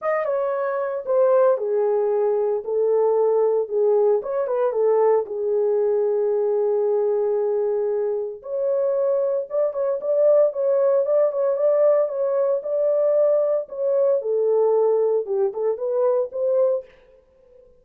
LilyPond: \new Staff \with { instrumentName = "horn" } { \time 4/4 \tempo 4 = 114 dis''8 cis''4. c''4 gis'4~ | gis'4 a'2 gis'4 | cis''8 b'8 a'4 gis'2~ | gis'1 |
cis''2 d''8 cis''8 d''4 | cis''4 d''8 cis''8 d''4 cis''4 | d''2 cis''4 a'4~ | a'4 g'8 a'8 b'4 c''4 | }